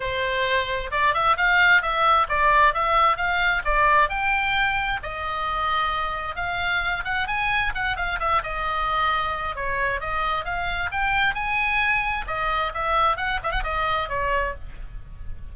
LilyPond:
\new Staff \with { instrumentName = "oboe" } { \time 4/4 \tempo 4 = 132 c''2 d''8 e''8 f''4 | e''4 d''4 e''4 f''4 | d''4 g''2 dis''4~ | dis''2 f''4. fis''8 |
gis''4 fis''8 f''8 e''8 dis''4.~ | dis''4 cis''4 dis''4 f''4 | g''4 gis''2 dis''4 | e''4 fis''8 e''16 fis''16 dis''4 cis''4 | }